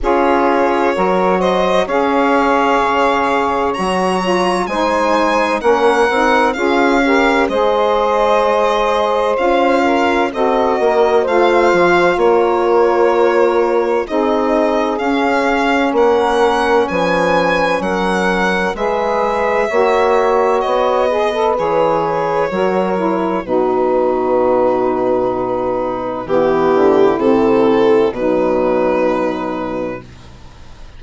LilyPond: <<
  \new Staff \with { instrumentName = "violin" } { \time 4/4 \tempo 4 = 64 cis''4. dis''8 f''2 | ais''4 gis''4 fis''4 f''4 | dis''2 f''4 dis''4 | f''4 cis''2 dis''4 |
f''4 fis''4 gis''4 fis''4 | e''2 dis''4 cis''4~ | cis''4 b'2. | g'4 a'4 b'2 | }
  \new Staff \with { instrumentName = "saxophone" } { \time 4/4 gis'4 ais'8 c''8 cis''2~ | cis''4 c''4 ais'4 gis'8 ais'8 | c''2~ c''8 ais'8 a'8 ais'8 | c''4 ais'2 gis'4~ |
gis'4 ais'4 b'4 ais'4 | b'4 cis''4. b'4. | ais'4 fis'2. | e'2 dis'2 | }
  \new Staff \with { instrumentName = "saxophone" } { \time 4/4 f'4 fis'4 gis'2 | fis'8 f'8 dis'4 cis'8 dis'8 f'8 g'8 | gis'2 f'4 fis'4 | f'2. dis'4 |
cis'1 | gis'4 fis'4. gis'16 a'16 gis'4 | fis'8 e'8 dis'2. | b4 c'4 fis2 | }
  \new Staff \with { instrumentName = "bassoon" } { \time 4/4 cis'4 fis4 cis'4 cis4 | fis4 gis4 ais8 c'8 cis'4 | gis2 cis'4 c'8 ais8 | a8 f8 ais2 c'4 |
cis'4 ais4 f4 fis4 | gis4 ais4 b4 e4 | fis4 b,2. | e8 d8 c4 b,2 | }
>>